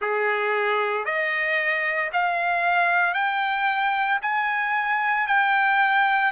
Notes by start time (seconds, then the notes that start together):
0.00 G#4
1.05 D#5
2.12 F5
3.13 G5
4.22 G#5
5.27 G5